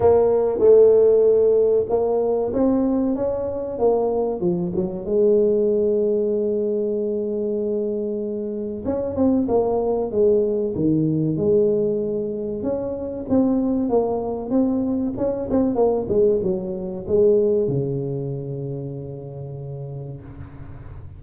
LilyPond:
\new Staff \with { instrumentName = "tuba" } { \time 4/4 \tempo 4 = 95 ais4 a2 ais4 | c'4 cis'4 ais4 f8 fis8 | gis1~ | gis2 cis'8 c'8 ais4 |
gis4 dis4 gis2 | cis'4 c'4 ais4 c'4 | cis'8 c'8 ais8 gis8 fis4 gis4 | cis1 | }